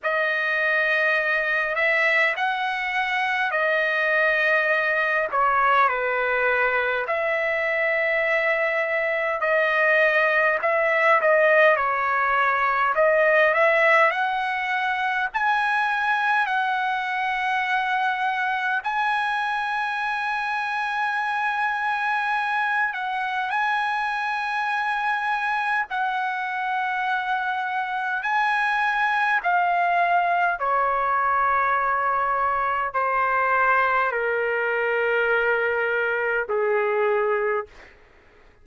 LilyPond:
\new Staff \with { instrumentName = "trumpet" } { \time 4/4 \tempo 4 = 51 dis''4. e''8 fis''4 dis''4~ | dis''8 cis''8 b'4 e''2 | dis''4 e''8 dis''8 cis''4 dis''8 e''8 | fis''4 gis''4 fis''2 |
gis''2.~ gis''8 fis''8 | gis''2 fis''2 | gis''4 f''4 cis''2 | c''4 ais'2 gis'4 | }